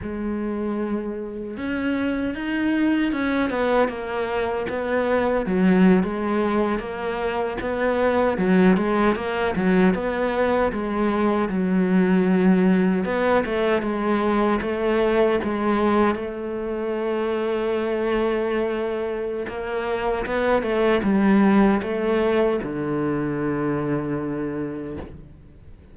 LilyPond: \new Staff \with { instrumentName = "cello" } { \time 4/4 \tempo 4 = 77 gis2 cis'4 dis'4 | cis'8 b8 ais4 b4 fis8. gis16~ | gis8. ais4 b4 fis8 gis8 ais16~ | ais16 fis8 b4 gis4 fis4~ fis16~ |
fis8. b8 a8 gis4 a4 gis16~ | gis8. a2.~ a16~ | a4 ais4 b8 a8 g4 | a4 d2. | }